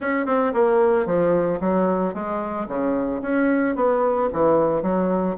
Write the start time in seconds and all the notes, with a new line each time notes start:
0.00 C#4
0.26 C4
0.53 A#3
1.06 F3
1.60 F#3
2.14 G#3
2.68 C#3
3.22 C#4
3.75 B3
4.32 E3
4.82 F#3